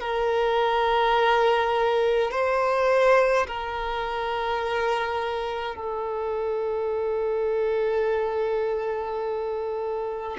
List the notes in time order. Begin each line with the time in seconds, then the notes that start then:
0.00 A#4
2.31 C5
3.47 A#4
5.75 A4